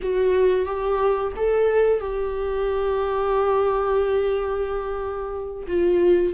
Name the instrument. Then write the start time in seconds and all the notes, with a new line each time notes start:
viola
0.02 F#4
0.65 G4
1.36 A4
2.00 G4
5.67 F4